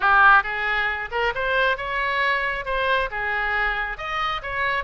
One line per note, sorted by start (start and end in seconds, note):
0.00 0.43 G4
0.43 1.09 G#4
1.11 1.33 A#4
1.34 1.77 C5
1.77 2.65 C#5
2.65 3.09 C5
3.10 3.97 G#4
3.97 4.41 D#5
4.42 4.83 C#5